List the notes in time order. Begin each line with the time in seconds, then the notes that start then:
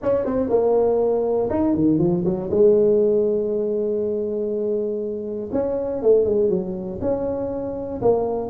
0.02 C#4
0.25 C4
0.49 A#3
1.50 D#4
1.75 D#3
1.98 F3
2.24 F#3
2.50 G#3
5.52 C#4
6.02 A3
6.25 G#3
6.49 F#3
7.01 C#4
8.01 A#3